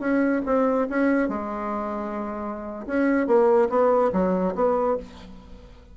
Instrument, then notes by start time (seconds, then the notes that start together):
bassoon
0.00 C#4
0.46 C4
0.90 C#4
1.29 G#3
2.87 C#4
3.27 A#3
3.70 B3
4.13 F#3
4.55 B3